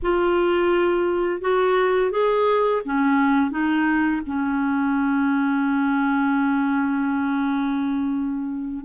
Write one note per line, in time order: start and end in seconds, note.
0.02 1.41 F4
1.41 2.11 F#4
2.11 2.81 G#4
2.85 3.51 C#4
3.51 4.21 D#4
4.26 8.85 C#4